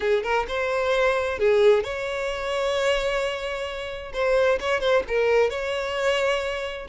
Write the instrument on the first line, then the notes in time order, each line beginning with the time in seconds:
violin
0.00 G#4
0.23 A#4
0.48 C5
1.39 G#4
1.83 C#5
4.13 C5
4.60 C#5
4.80 C5
5.07 A#4
5.50 C#5